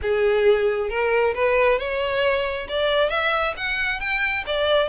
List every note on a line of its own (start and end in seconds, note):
0.01 0.89 G#4
0.89 1.34 A#4
1.34 1.78 B4
1.78 2.67 C#5
2.68 3.09 D5
3.09 3.54 E5
3.56 4.00 F#5
4.00 4.44 G5
4.46 4.88 D5